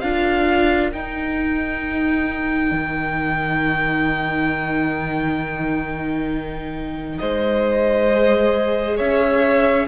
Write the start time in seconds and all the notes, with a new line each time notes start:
0.00 D4 F4 A#4 F5
0.92 D#4 G5
2.71 D#3
7.18 G#3 C5 D#5
8.11 G#4
8.96 C#4 C#5 E5